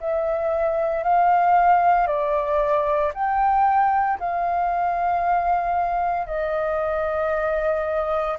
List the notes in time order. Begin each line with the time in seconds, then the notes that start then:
0.00 E5
1.03 F5
2.07 D5
3.13 G5
4.19 F5
6.26 D#5